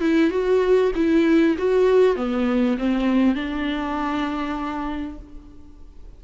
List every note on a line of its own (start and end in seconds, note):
0.00 0.30 E4
0.30 0.91 F#4
0.95 1.56 E4
1.58 2.16 F#4
2.16 2.77 B3
2.77 3.35 C4
3.35 5.18 D4